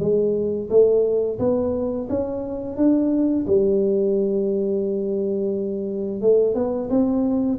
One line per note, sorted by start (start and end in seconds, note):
0.00 0.69 G#3
0.70 1.39 A3
1.39 2.08 B3
2.10 2.77 C#4
2.77 3.46 D4
3.47 6.22 G3
6.22 6.55 A3
6.55 6.89 B3
6.90 7.59 C4